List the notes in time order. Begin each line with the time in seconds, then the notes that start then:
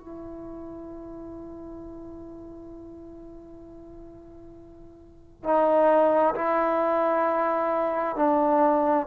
0.00 E4
5.44 D#4
6.36 E4
8.17 D4